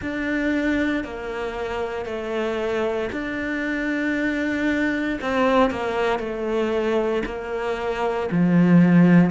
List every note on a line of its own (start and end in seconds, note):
0.01 1.03 D4
1.03 2.05 A#3
2.05 3.08 A3
3.12 5.19 D4
5.21 5.70 C4
5.70 6.19 A#3
6.19 7.22 A3
7.25 8.29 A#3
8.31 9.30 F3